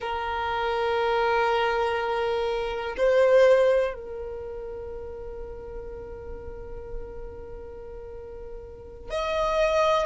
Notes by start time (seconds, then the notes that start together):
0.00 A#4
2.97 C5
3.93 A#4
9.10 D#5